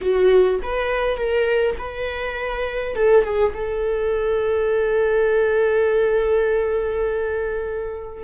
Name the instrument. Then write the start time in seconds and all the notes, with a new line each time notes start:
viola
0.01 F#4
0.62 B4
1.17 A#4
1.78 B4
2.95 A4
3.24 G#4
3.53 A4